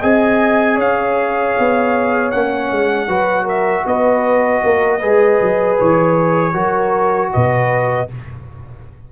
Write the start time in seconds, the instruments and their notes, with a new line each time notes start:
0.00 tuba C4, trombone G#4, horn D#5, trumpet G#5
0.75 tuba C#4, horn C#5, trumpet F5
1.58 tuba B3
2.31 tuba A#3, trombone C#4, trumpet F#5
2.71 tuba G#3
3.07 tuba F#3, trombone F#4, horn B4
3.44 horn A#4, trumpet E5
3.86 tuba B3, horn B4, trumpet D#5
4.63 tuba A#3, horn A#4
4.99 tuba G#3, trombone G#4, horn B4
5.41 tuba F#3
5.79 tuba E3, trumpet C#5
6.53 tuba F#3, trombone F#4, horn A#4
7.32 tuba B2, horn B4, trumpet D#5